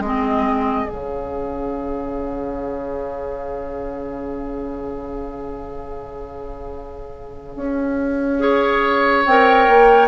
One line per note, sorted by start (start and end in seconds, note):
0.00 0.86 G#3
0.00 0.87 C4
0.00 8.39 G#4
0.00 0.89 D#5
0.87 7.56 C#3
0.87 8.37 C#4
0.87 9.25 F5
7.56 9.26 C#4
8.39 9.25 G#4
8.39 10.08 C#5
9.26 9.68 C4
9.26 10.08 A#4
9.26 10.08 G5
9.68 10.08 A#3